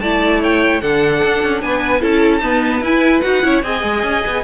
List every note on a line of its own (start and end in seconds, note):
0.00 0.81 A3
0.00 0.82 E4
0.00 0.41 D5
0.00 0.40 A5
0.41 0.82 C#5
0.41 0.81 G5
0.81 1.22 D3
0.81 2.00 D4
0.81 1.62 A4
0.81 1.61 F#5
1.24 1.43 D4
1.43 1.62 C#4
1.62 2.02 B3
1.62 2.01 B4
1.62 2.02 G#5
2.00 2.41 C#4
2.00 2.41 E4
2.00 2.41 A4
2.00 2.83 A5
2.41 2.83 B3
2.41 2.81 D#4
2.41 3.44 B4
2.81 3.21 E4
2.81 3.23 E4
2.81 3.21 G#5
3.21 3.44 D#4
3.21 3.43 F#4
3.21 3.61 F#5
3.43 3.63 C#4
3.43 3.63 E4
3.43 3.64 C#5
3.63 3.83 C4
3.63 4.44 G#4
3.63 4.44 D#5
3.63 4.44 G#5
3.83 4.03 G#3
4.03 4.23 C#4
4.26 4.44 B3